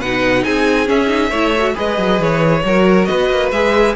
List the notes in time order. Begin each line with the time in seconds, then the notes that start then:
0.00 B2 D#4 B4 F#5
0.44 C4 G#4 G#5
0.86 C#4 E5
1.07 D#4
1.30 A3 E4 C#5
1.58 F#4
1.75 G#3 G#4 B4 D#5
1.99 F#3
2.19 E3 C#5
2.65 F#3 F#4 A#4
3.05 B3 B4 D#5
3.30 A#3
3.52 G#3 G#4 E5